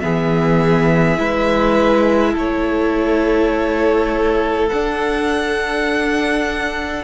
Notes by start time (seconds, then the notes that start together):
0.00 E3 B3 G#4 E5
1.17 G#3 E4 B4
2.33 A3 A4 C#5
4.69 D4 F#5